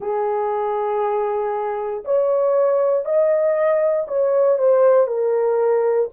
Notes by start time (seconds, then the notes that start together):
0.00 G#4
2.04 C#5
3.05 D#5
4.07 C#5
4.58 C5
5.07 A#4